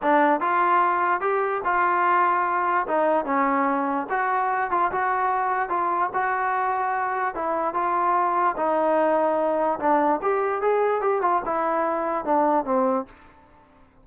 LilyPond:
\new Staff \with { instrumentName = "trombone" } { \time 4/4 \tempo 4 = 147 d'4 f'2 g'4 | f'2. dis'4 | cis'2 fis'4. f'8 | fis'2 f'4 fis'4~ |
fis'2 e'4 f'4~ | f'4 dis'2. | d'4 g'4 gis'4 g'8 f'8 | e'2 d'4 c'4 | }